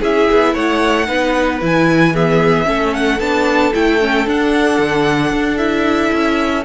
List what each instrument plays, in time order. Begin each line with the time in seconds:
0.00 cello C#4, viola E4, violin G#4 E5
0.31 cello B3
0.53 cello A3, violin C#5 F#5
1.06 cello B3, viola D#4, violin B4
1.61 cello E3, viola E4, violin G#5
2.13 viola B3, violin G#4 E5
2.64 cello A3, viola C#4, violin A4
2.94 violin F#5
3.19 cello B3, viola D4, violin A5
3.74 cello A3, viola E4, violin G5
4.00 viola C#4
4.26 viola D4, cello D4, violin F#5
4.78 cello D3
5.31 cello D4
5.57 viola E4, violin E5
6.12 cello C#4